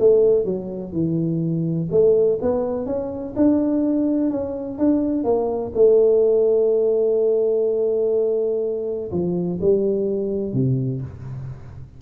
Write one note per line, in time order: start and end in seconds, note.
0.00 0.45 A3
0.45 0.93 F#3
0.93 1.89 E3
1.92 2.40 A3
2.42 2.86 B3
2.86 3.34 C#4
3.37 4.31 D4
4.31 4.79 C#4
4.79 5.25 D4
5.25 5.73 A#3
5.75 9.11 A3
9.12 9.60 F3
9.61 10.54 G3
10.54 11.02 C3